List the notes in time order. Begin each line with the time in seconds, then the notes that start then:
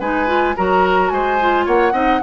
0.00 G#3 D#4 B4 G#5
0.27 F4
0.57 F#3 F#4 A#4 A#5
1.09 G#3 C5 G#5
1.40 F4
1.65 A#3 C#5 F#5
1.92 C4 D#4 D#5